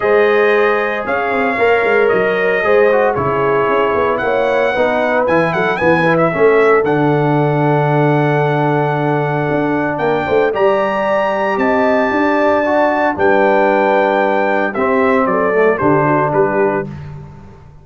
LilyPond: <<
  \new Staff \with { instrumentName = "trumpet" } { \time 4/4 \tempo 4 = 114 dis''2 f''2 | dis''2 cis''2 | fis''2 gis''8 fis''8 gis''8. e''16~ | e''4 fis''2.~ |
fis''2. g''4 | ais''2 a''2~ | a''4 g''2. | e''4 d''4 c''4 b'4 | }
  \new Staff \with { instrumentName = "horn" } { \time 4/4 c''2 cis''2~ | cis''4 c''4 gis'2 | cis''4 b'4. a'8 b'4 | a'1~ |
a'2. ais'8 c''8 | d''2 dis''4 d''4~ | d''4 b'2. | g'4 a'4 g'8 fis'8 g'4 | }
  \new Staff \with { instrumentName = "trombone" } { \time 4/4 gis'2. ais'4~ | ais'4 gis'8 fis'8 e'2~ | e'4 dis'4 e'4 b8 e'8 | cis'4 d'2.~ |
d'1 | g'1 | fis'4 d'2. | c'4. a8 d'2 | }
  \new Staff \with { instrumentName = "tuba" } { \time 4/4 gis2 cis'8 c'8 ais8 gis8 | fis4 gis4 cis4 cis'8 b8 | ais4 b4 e8 fis8 e4 | a4 d2.~ |
d2 d'4 ais8 a8 | g2 c'4 d'4~ | d'4 g2. | c'4 fis4 d4 g4 | }
>>